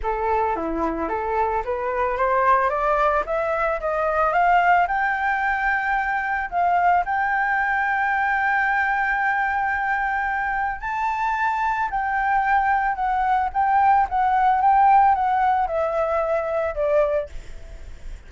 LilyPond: \new Staff \with { instrumentName = "flute" } { \time 4/4 \tempo 4 = 111 a'4 e'4 a'4 b'4 | c''4 d''4 e''4 dis''4 | f''4 g''2. | f''4 g''2.~ |
g''1 | a''2 g''2 | fis''4 g''4 fis''4 g''4 | fis''4 e''2 d''4 | }